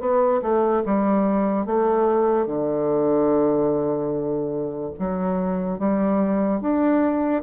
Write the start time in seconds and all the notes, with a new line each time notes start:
0.00 B3
0.42 A3
0.86 G3
1.66 A3
2.46 D3
5.00 F#3
5.79 G3
6.61 D4